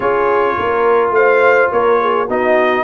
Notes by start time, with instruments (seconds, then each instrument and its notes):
0.00 tuba C#4, trombone F4, horn G#4, trumpet C#5
0.58 tuba A#3, horn A#4
1.10 tuba A3, trumpet F5
1.16 horn C5
1.71 tuba A#3, horn A#4, trumpet C#5
2.00 horn G#4
2.26 tuba B3, trombone D#4, horn F#4, trumpet D#5